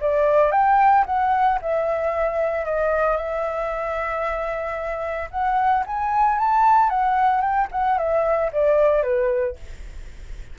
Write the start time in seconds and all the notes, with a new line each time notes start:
0.00 D5
0.51 G5
1.06 F#5
1.61 E5
2.65 D#5
3.17 E5
5.31 F#5
5.86 G#5
6.38 A5
6.89 F#5
7.41 G5
7.71 F#5
7.98 E5
8.52 D5
9.02 B4